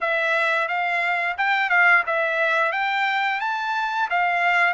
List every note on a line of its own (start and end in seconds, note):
0.01 0.68 E5
0.68 1.36 F5
1.37 1.69 G5
1.69 2.03 F5
2.06 2.72 E5
2.72 3.40 G5
3.40 4.08 A5
4.10 4.73 F5